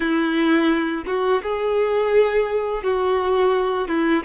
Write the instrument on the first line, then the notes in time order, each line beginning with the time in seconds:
violin
0.00 E4
1.06 F#4
1.42 G#4
2.83 F#4
3.88 E4